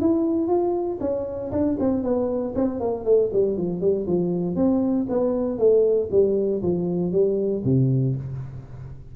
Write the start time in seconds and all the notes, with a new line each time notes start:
0.00 E4
0.47 F4
1.00 C#4
1.51 D4
1.79 C4
2.03 B3
2.55 C4
2.79 A#3
3.04 A3
3.33 G3
3.57 F3
3.80 G3
4.07 F3
4.55 C4
5.09 B3
5.58 A3
6.11 G3
6.62 F3
7.12 G3
7.64 C3